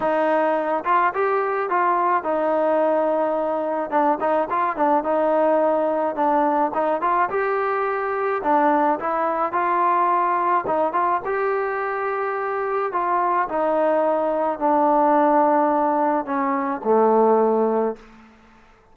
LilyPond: \new Staff \with { instrumentName = "trombone" } { \time 4/4 \tempo 4 = 107 dis'4. f'8 g'4 f'4 | dis'2. d'8 dis'8 | f'8 d'8 dis'2 d'4 | dis'8 f'8 g'2 d'4 |
e'4 f'2 dis'8 f'8 | g'2. f'4 | dis'2 d'2~ | d'4 cis'4 a2 | }